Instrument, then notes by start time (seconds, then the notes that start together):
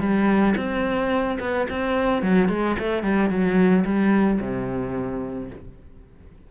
cello
0.00 G3
0.57 C4
1.40 B3
1.70 C4
2.22 F#3
2.49 G#3
2.79 A3
3.03 G3
3.30 F#3
3.85 G3
4.41 C3